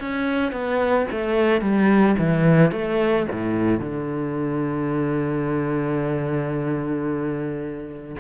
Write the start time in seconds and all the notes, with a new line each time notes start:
0.00 C#4
0.52 B3
1.11 A3
1.61 G3
2.19 E3
2.72 A3
3.32 A2
3.79 D3